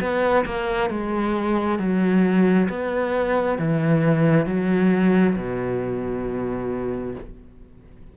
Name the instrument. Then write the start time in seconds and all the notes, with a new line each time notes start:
cello
0.00 B3
0.45 A#3
0.90 G#3
1.79 F#3
2.69 B3
3.58 E3
4.46 F#3
5.36 B2